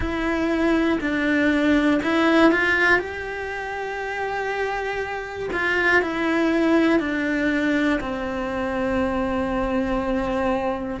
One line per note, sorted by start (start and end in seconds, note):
0.00 0.98 E4
1.00 2.00 D4
2.03 2.51 E4
2.51 2.99 F4
2.99 5.49 G4
5.53 6.01 F4
6.01 6.99 E4
6.99 7.99 D4
8.00 11.00 C4